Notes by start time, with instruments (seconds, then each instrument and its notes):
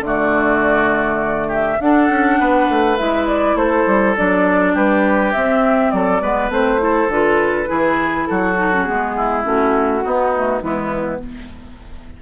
0.00 bassoon D3, clarinet A3, oboe F#4, flute D5
1.48 oboe G4, flute E5
1.80 bassoon D4, clarinet D4, oboe A4, flute F#5
2.09 bassoon C#4
2.39 bassoon B3, oboe B4
2.69 bassoon A3
2.97 bassoon G#3, clarinet E4, flute E5
3.27 flute D5
3.55 bassoon A3, oboe A4, flute C5
3.86 bassoon G3
4.16 bassoon F#3, clarinet D4, flute D5
4.73 bassoon G3, oboe G4, flute B4
5.32 clarinet C4, bassoon C4, flute E5
5.90 bassoon F#3, oboe A4, flute D5
6.21 bassoon G#3, clarinet B3, oboe B4
6.49 bassoon A3, clarinet C4, flute C5
6.78 clarinet E4, oboe A4
7.08 bassoon D3, clarinet F4, flute B4
7.66 bassoon E3, clarinet E4, oboe G#4
8.26 bassoon F#3, oboe F#4, flute A4
8.56 clarinet D#4
8.72 clarinet C#4
8.83 bassoon G#3, clarinet B3, flute G#4
9.16 oboe E4
9.43 bassoon A3, clarinet C#4, flute F#4
10.04 clarinet B3, bassoon B3, oboe D#4
10.35 clarinet A3
10.60 bassoon E3, clarinet G#3, oboe B3, flute E4